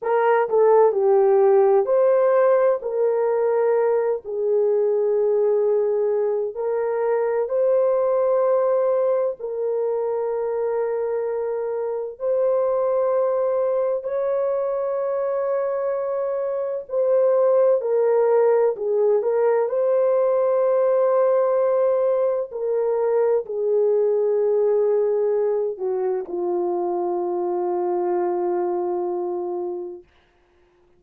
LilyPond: \new Staff \with { instrumentName = "horn" } { \time 4/4 \tempo 4 = 64 ais'8 a'8 g'4 c''4 ais'4~ | ais'8 gis'2~ gis'8 ais'4 | c''2 ais'2~ | ais'4 c''2 cis''4~ |
cis''2 c''4 ais'4 | gis'8 ais'8 c''2. | ais'4 gis'2~ gis'8 fis'8 | f'1 | }